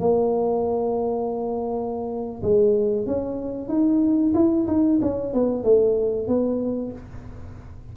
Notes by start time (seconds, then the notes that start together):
0.00 A#3
2.42 G#3
3.06 C#4
3.68 D#4
4.34 E4
4.67 D#4
5.01 C#4
5.33 B3
5.63 A3
6.27 B3